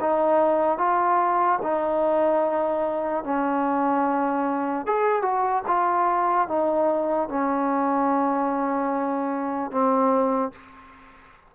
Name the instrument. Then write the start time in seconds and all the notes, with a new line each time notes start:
trombone
0.00 D#4
0.78 F4
1.62 D#4
3.24 C#4
4.86 G#4
5.21 F#4
5.67 F4
6.48 D#4
7.28 C#4
9.71 C4